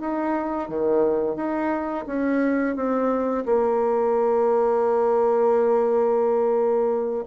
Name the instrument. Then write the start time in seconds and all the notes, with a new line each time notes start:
bassoon
0.00 D#4
0.69 D#3
1.36 D#4
2.07 C#4
2.76 C4
3.45 A#3